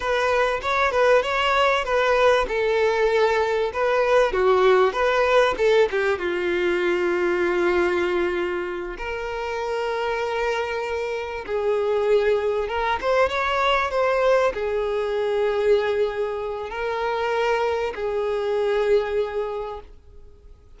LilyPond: \new Staff \with { instrumentName = "violin" } { \time 4/4 \tempo 4 = 97 b'4 cis''8 b'8 cis''4 b'4 | a'2 b'4 fis'4 | b'4 a'8 g'8 f'2~ | f'2~ f'8 ais'4.~ |
ais'2~ ais'8 gis'4.~ | gis'8 ais'8 c''8 cis''4 c''4 gis'8~ | gis'2. ais'4~ | ais'4 gis'2. | }